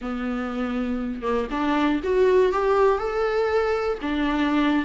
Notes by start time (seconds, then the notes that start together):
0.01 B3
1.22 A#3
1.50 D4
2.03 F#4
2.52 G4
2.98 A4
4.01 D4